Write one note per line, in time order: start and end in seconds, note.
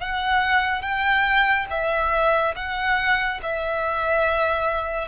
0.00 0.81 F#5
0.81 1.66 G5
1.70 2.55 E5
2.55 3.40 F#5
3.42 5.08 E5